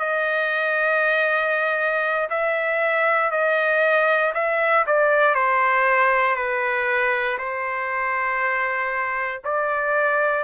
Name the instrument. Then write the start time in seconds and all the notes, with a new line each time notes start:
trumpet
0.00 D#5
2.30 E5
3.31 D#5
4.35 E5
4.87 D5
5.35 C5
6.37 B4
7.39 C5
9.44 D5